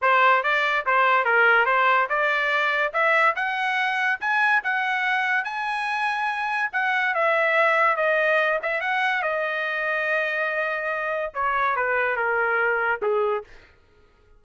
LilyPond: \new Staff \with { instrumentName = "trumpet" } { \time 4/4 \tempo 4 = 143 c''4 d''4 c''4 ais'4 | c''4 d''2 e''4 | fis''2 gis''4 fis''4~ | fis''4 gis''2. |
fis''4 e''2 dis''4~ | dis''8 e''8 fis''4 dis''2~ | dis''2. cis''4 | b'4 ais'2 gis'4 | }